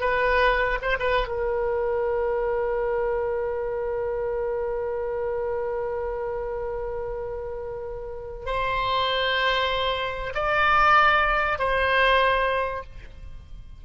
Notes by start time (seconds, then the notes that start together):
0.00 B4
0.81 C5
0.99 B4
1.28 A#4
8.45 C5
10.34 D5
11.58 C5